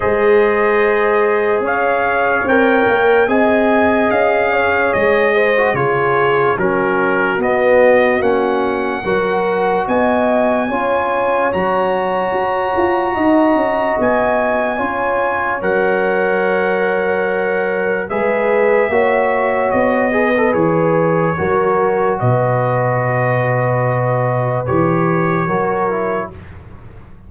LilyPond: <<
  \new Staff \with { instrumentName = "trumpet" } { \time 4/4 \tempo 4 = 73 dis''2 f''4 g''4 | gis''4 f''4 dis''4 cis''4 | ais'4 dis''4 fis''2 | gis''2 ais''2~ |
ais''4 gis''2 fis''4~ | fis''2 e''2 | dis''4 cis''2 dis''4~ | dis''2 cis''2 | }
  \new Staff \with { instrumentName = "horn" } { \time 4/4 c''2 cis''2 | dis''4. cis''4 c''8 gis'4 | fis'2. ais'4 | dis''4 cis''2. |
dis''2 cis''2~ | cis''2 b'4 cis''4~ | cis''8 b'4. ais'4 b'4~ | b'2. ais'4 | }
  \new Staff \with { instrumentName = "trombone" } { \time 4/4 gis'2. ais'4 | gis'2~ gis'8. fis'16 f'4 | cis'4 b4 cis'4 fis'4~ | fis'4 f'4 fis'2~ |
fis'2 f'4 ais'4~ | ais'2 gis'4 fis'4~ | fis'8 gis'16 a'16 gis'4 fis'2~ | fis'2 g'4 fis'8 e'8 | }
  \new Staff \with { instrumentName = "tuba" } { \time 4/4 gis2 cis'4 c'8 ais8 | c'4 cis'4 gis4 cis4 | fis4 b4 ais4 fis4 | b4 cis'4 fis4 fis'8 f'8 |
dis'8 cis'8 b4 cis'4 fis4~ | fis2 gis4 ais4 | b4 e4 fis4 b,4~ | b,2 e4 fis4 | }
>>